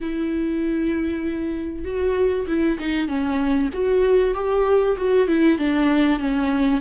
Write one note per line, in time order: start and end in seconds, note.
0.01 1.84 E4
1.84 2.46 F#4
2.47 2.78 E4
2.79 3.08 D#4
3.08 3.69 C#4
3.73 4.34 F#4
4.34 4.96 G4
4.97 5.27 F#4
5.27 5.58 E4
5.58 6.19 D4
6.19 6.80 C#4